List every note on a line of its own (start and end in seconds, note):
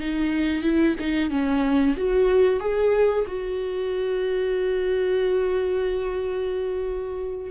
0.00 0.63 D#4
0.63 0.95 E4
1.00 1.30 D#4
1.30 1.95 C#4
1.97 2.60 F#4
2.60 3.25 G#4
3.27 7.51 F#4